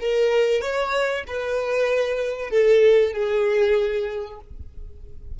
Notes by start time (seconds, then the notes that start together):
0.00 A#4
0.61 C#5
1.27 B4
2.50 A4
3.13 G#4